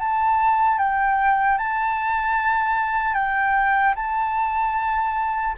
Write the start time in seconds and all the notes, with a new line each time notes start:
0.00 A5
0.79 G5
1.58 A5
3.15 G5
3.96 A5